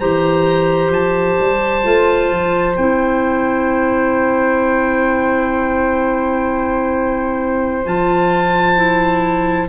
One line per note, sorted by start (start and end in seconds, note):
0.00 0.90 E3
0.00 1.83 G4
0.00 9.69 C5
0.00 0.92 A#5
0.90 1.36 F3
0.90 2.77 A5
1.40 1.85 G3
1.83 2.31 A3
1.83 2.75 F4
2.31 2.77 F3
2.77 7.86 C4
2.77 7.85 E4
2.77 7.84 G5
7.85 9.69 F3
7.85 8.76 F4
7.85 9.69 A5
8.76 9.68 E4